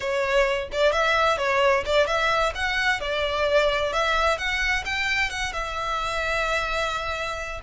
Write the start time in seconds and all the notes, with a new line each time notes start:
0.00 C#5
0.72 D5
0.92 E5
1.37 C#5
1.85 D5
2.06 E5
2.54 F#5
3.00 D5
3.93 E5
4.37 F#5
4.85 G5
5.30 F#5
5.52 E5